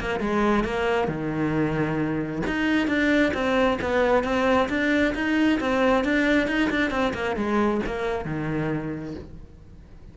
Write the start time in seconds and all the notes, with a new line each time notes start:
0.00 A#3
0.20 G#3
0.65 A#3
1.08 D#3
2.47 D#4
2.88 D4
3.34 C4
3.82 B3
4.24 C4
4.69 D4
5.15 D#4
5.61 C4
6.04 D4
6.48 D#4
6.70 D4
6.91 C4
7.14 A#3
7.36 G#3
7.87 A#3
8.25 D#3